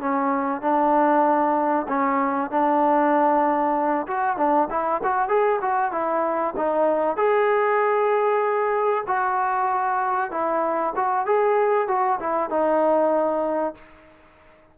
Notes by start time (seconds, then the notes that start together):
0.00 C#4
0.62 D4
1.88 C#4
2.51 D4
4.07 F#4
4.38 D4
4.70 E4
5.04 F#4
5.29 G#4
5.62 F#4
5.92 E4
6.57 D#4
7.17 G#4
9.07 F#4
10.31 E4
10.96 F#4
11.26 G#4
11.88 F#4
12.20 E4
12.50 D#4